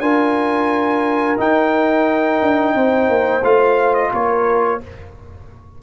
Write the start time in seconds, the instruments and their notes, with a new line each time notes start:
0.00 tuba D4, trombone F4, horn A#4, trumpet G#5
1.37 trombone D#4, tuba D#4, trumpet G5
2.42 tuba D4
2.74 tuba C4, horn C5
3.08 tuba A#3
3.43 tuba A3, trombone F4, trumpet F5
3.94 trumpet D#5
4.13 tuba A#3, horn A#4, trumpet C#5